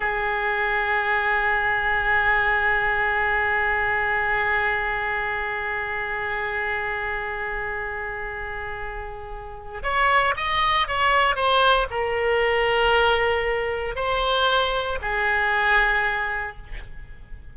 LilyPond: \new Staff \with { instrumentName = "oboe" } { \time 4/4 \tempo 4 = 116 gis'1~ | gis'1~ | gis'1~ | gis'1~ |
gis'2. cis''4 | dis''4 cis''4 c''4 ais'4~ | ais'2. c''4~ | c''4 gis'2. | }